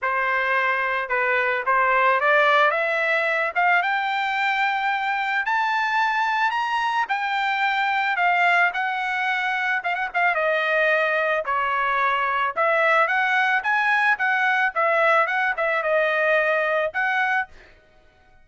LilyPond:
\new Staff \with { instrumentName = "trumpet" } { \time 4/4 \tempo 4 = 110 c''2 b'4 c''4 | d''4 e''4. f''8 g''4~ | g''2 a''2 | ais''4 g''2 f''4 |
fis''2 f''16 fis''16 f''8 dis''4~ | dis''4 cis''2 e''4 | fis''4 gis''4 fis''4 e''4 | fis''8 e''8 dis''2 fis''4 | }